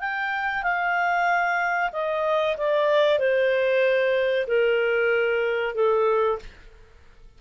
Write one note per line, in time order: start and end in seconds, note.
0.00 0.63 G5
0.63 1.91 F5
1.93 2.56 D#5
2.57 3.19 D5
3.19 4.47 C5
4.47 5.75 A#4
5.75 6.39 A4